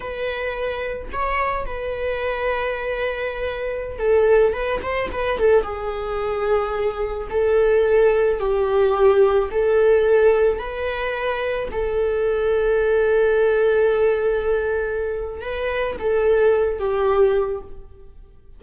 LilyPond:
\new Staff \with { instrumentName = "viola" } { \time 4/4 \tempo 4 = 109 b'2 cis''4 b'4~ | b'2.~ b'16 a'8.~ | a'16 b'8 c''8 b'8 a'8 gis'4.~ gis'16~ | gis'4~ gis'16 a'2 g'8.~ |
g'4~ g'16 a'2 b'8.~ | b'4~ b'16 a'2~ a'8.~ | a'1 | b'4 a'4. g'4. | }